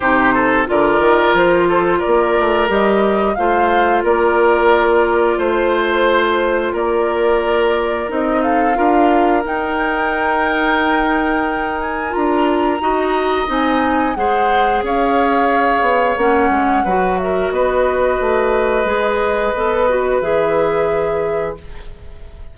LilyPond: <<
  \new Staff \with { instrumentName = "flute" } { \time 4/4 \tempo 4 = 89 c''4 d''4 c''4 d''4 | dis''4 f''4 d''2 | c''2 d''2 | dis''8 f''4. g''2~ |
g''4. gis''8 ais''2 | gis''4 fis''4 f''2 | fis''4. e''8 dis''2~ | dis''2 e''2 | }
  \new Staff \with { instrumentName = "oboe" } { \time 4/4 g'8 a'8 ais'4. a'8 ais'4~ | ais'4 c''4 ais'2 | c''2 ais'2~ | ais'8 a'8 ais'2.~ |
ais'2. dis''4~ | dis''4 c''4 cis''2~ | cis''4 b'8 ais'8 b'2~ | b'1 | }
  \new Staff \with { instrumentName = "clarinet" } { \time 4/4 dis'4 f'2. | g'4 f'2.~ | f'1 | dis'4 f'4 dis'2~ |
dis'2 f'4 fis'4 | dis'4 gis'2. | cis'4 fis'2. | gis'4 a'8 fis'8 gis'2 | }
  \new Staff \with { instrumentName = "bassoon" } { \time 4/4 c4 d8 dis8 f4 ais8 a8 | g4 a4 ais2 | a2 ais2 | c'4 d'4 dis'2~ |
dis'2 d'4 dis'4 | c'4 gis4 cis'4. b8 | ais8 gis8 fis4 b4 a4 | gis4 b4 e2 | }
>>